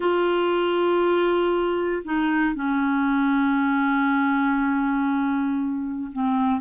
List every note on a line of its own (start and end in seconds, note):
0.00 2.02 F4
2.04 2.54 D#4
2.54 6.10 C#4
6.12 6.60 C4